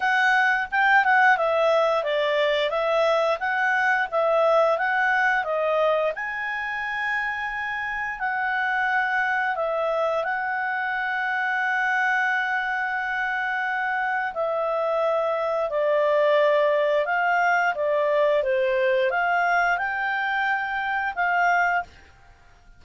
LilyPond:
\new Staff \with { instrumentName = "clarinet" } { \time 4/4 \tempo 4 = 88 fis''4 g''8 fis''8 e''4 d''4 | e''4 fis''4 e''4 fis''4 | dis''4 gis''2. | fis''2 e''4 fis''4~ |
fis''1~ | fis''4 e''2 d''4~ | d''4 f''4 d''4 c''4 | f''4 g''2 f''4 | }